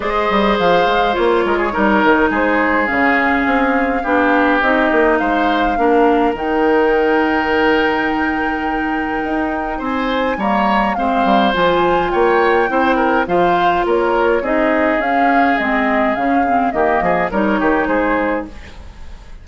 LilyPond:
<<
  \new Staff \with { instrumentName = "flute" } { \time 4/4 \tempo 4 = 104 dis''4 f''4 cis''2 | c''4 f''2. | dis''4 f''2 g''4~ | g''1~ |
g''4 gis''4 ais''4 f''4 | gis''4 g''2 f''4 | cis''4 dis''4 f''4 dis''4 | f''4 dis''4 cis''4 c''4 | }
  \new Staff \with { instrumentName = "oboe" } { \time 4/4 c''2~ c''8 ais'16 gis'16 ais'4 | gis'2. g'4~ | g'4 c''4 ais'2~ | ais'1~ |
ais'4 c''4 cis''4 c''4~ | c''4 cis''4 c''8 ais'8 c''4 | ais'4 gis'2.~ | gis'4 g'8 gis'8 ais'8 g'8 gis'4 | }
  \new Staff \with { instrumentName = "clarinet" } { \time 4/4 gis'2 f'4 dis'4~ | dis'4 cis'2 d'4 | dis'2 d'4 dis'4~ | dis'1~ |
dis'2 ais4 c'4 | f'2 e'4 f'4~ | f'4 dis'4 cis'4 c'4 | cis'8 c'8 ais4 dis'2 | }
  \new Staff \with { instrumentName = "bassoon" } { \time 4/4 gis8 g8 f8 gis8 ais8 gis8 g8 dis8 | gis4 cis4 c'4 b4 | c'8 ais8 gis4 ais4 dis4~ | dis1 |
dis'4 c'4 g4 gis8 g8 | f4 ais4 c'4 f4 | ais4 c'4 cis'4 gis4 | cis4 dis8 f8 g8 dis8 gis4 | }
>>